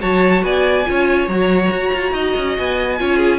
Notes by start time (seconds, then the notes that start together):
0.00 F#3 F#4 C#5 A5
0.43 B3 D5 G#5
0.85 C#4 F4 C#5
1.28 F#3 F#4 A#5
1.71 F#4
1.93 F4
2.12 D#4 D#5
2.37 C#4
2.57 B3 G#5
2.98 C#4 F4 C#5
3.17 G#4